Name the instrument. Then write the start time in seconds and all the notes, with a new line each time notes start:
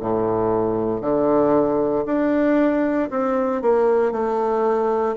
bassoon
0.00 A2
1.01 D3
2.05 D4
3.10 C4
3.62 A#3
4.12 A3